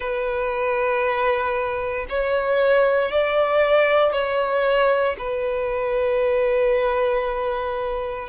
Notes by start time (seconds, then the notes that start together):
0.00 B4
2.09 C#5
3.11 D5
4.12 C#5
5.18 B4